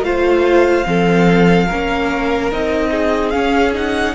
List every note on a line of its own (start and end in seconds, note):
0.00 0.82 A3
0.00 0.85 F4
0.00 0.87 C5
0.00 2.51 F5
0.85 1.69 F3
0.85 1.67 C4
0.85 1.66 A4
1.66 2.52 C#4
1.66 2.90 A#4
1.73 2.52 A#3
2.52 3.34 C4
2.52 3.33 D#4
2.52 3.30 D#5
2.91 4.14 G#4
3.30 3.74 C#4
3.30 4.14 C#4
3.30 3.71 F5
3.74 4.14 D#4
3.74 4.14 F#5